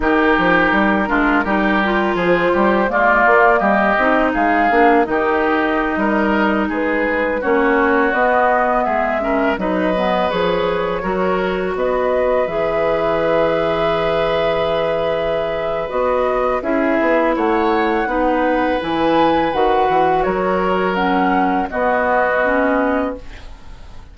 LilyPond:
<<
  \new Staff \with { instrumentName = "flute" } { \time 4/4 \tempo 4 = 83 ais'2. c''4 | d''4 dis''4 f''4 dis''4~ | dis''4~ dis''16 b'4 cis''4 dis''8.~ | dis''16 e''4 dis''4 cis''4.~ cis''16~ |
cis''16 dis''4 e''2~ e''8.~ | e''2 dis''4 e''4 | fis''2 gis''4 fis''4 | cis''4 fis''4 dis''2 | }
  \new Staff \with { instrumentName = "oboe" } { \time 4/4 g'4. f'8 g'4 gis'8 g'8 | f'4 g'4 gis'4 g'4~ | g'16 ais'4 gis'4 fis'4.~ fis'16~ | fis'16 gis'8 ais'8 b'2 ais'8.~ |
ais'16 b'2.~ b'8.~ | b'2. gis'4 | cis''4 b'2. | ais'2 fis'2 | }
  \new Staff \with { instrumentName = "clarinet" } { \time 4/4 dis'4. d'8 dis'8 f'4. | ais4. dis'4 d'8 dis'4~ | dis'2~ dis'16 cis'4 b8.~ | b8. cis'8 dis'8 b8 gis'4 fis'8.~ |
fis'4~ fis'16 gis'2~ gis'8.~ | gis'2 fis'4 e'4~ | e'4 dis'4 e'4 fis'4~ | fis'4 cis'4 b4 cis'4 | }
  \new Staff \with { instrumentName = "bassoon" } { \time 4/4 dis8 f8 g8 gis8 g4 f8 g8 | gis8 ais8 g8 c'8 gis8 ais8 dis4~ | dis16 g4 gis4 ais4 b8.~ | b16 gis4 fis4 f4 fis8.~ |
fis16 b4 e2~ e8.~ | e2 b4 cis'8 b8 | a4 b4 e4 dis8 e8 | fis2 b2 | }
>>